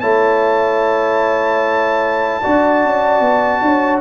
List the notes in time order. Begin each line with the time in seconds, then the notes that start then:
0.00 A3 E4 C#5 A5
2.42 D4 F#4 D5
2.85 C#4
3.21 B3
3.62 D4 C#5